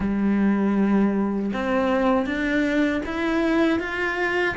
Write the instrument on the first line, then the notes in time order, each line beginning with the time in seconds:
cello
0.00 G3
1.53 C4
2.25 D4
3.05 E4
3.79 F4